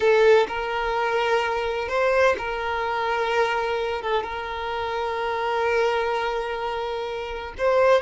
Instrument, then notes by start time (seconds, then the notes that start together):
violin
0.00 A4
0.48 A#4
1.88 C5
2.38 A#4
4.02 A4
4.23 A#4
7.57 C5